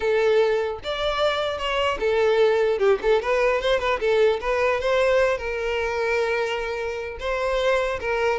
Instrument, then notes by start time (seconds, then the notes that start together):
violin
0.00 A4
0.83 D5
1.58 C#5
1.99 A4
2.78 G4
3.02 A4
3.21 B4
3.61 C5
3.79 B4
3.99 A4
4.41 B4
4.80 C5
5.37 A#4
7.19 C5
8.00 A#4